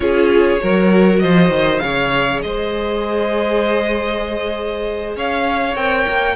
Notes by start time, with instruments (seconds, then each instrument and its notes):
0.00 cello C#4, viola F4, violin G#4 C#5
0.60 cello F#3, viola F#4, violin A#4
1.19 cello F3, violin C5 D#5
1.49 cello D#3
1.79 cello C#3, viola G#4, violin C#5 F5
2.42 cello G#3, violin C5 D#5
5.15 cello C#4, violin C#5 F5
5.75 cello C4, viola A#4, violin G5
6.07 cello A#3